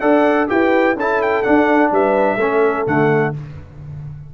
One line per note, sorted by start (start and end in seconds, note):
0.00 0.50 D4
0.00 0.48 A4
0.00 0.48 D5
0.00 0.47 F#5
0.48 0.96 E4
0.48 0.95 G4
0.48 0.97 B4
0.48 0.96 G5
0.96 1.43 C#4
0.96 1.44 E4
0.96 1.92 A4
0.96 1.22 A5
1.22 1.43 G5
1.43 2.38 D4
1.43 1.92 D4
1.43 1.90 F#5
1.92 2.37 G3
1.92 2.37 B4
1.92 2.87 E5
2.37 2.84 A3
2.37 2.87 C#4
2.37 3.31 A4
2.87 3.34 D3
2.87 3.34 A3
2.87 3.34 F#5